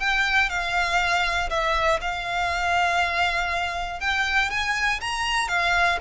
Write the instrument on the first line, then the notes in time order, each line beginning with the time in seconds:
violin
0.00 G5
0.50 F5
1.50 E5
2.01 F5
4.00 G5
4.50 G#5
5.01 A#5
5.48 F5